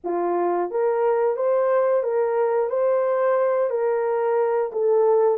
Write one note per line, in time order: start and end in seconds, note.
0.03 0.70 F4
0.70 1.36 A#4
1.36 2.03 C5
2.03 2.69 A#4
2.69 3.70 C5
3.70 4.71 A#4
4.72 5.38 A4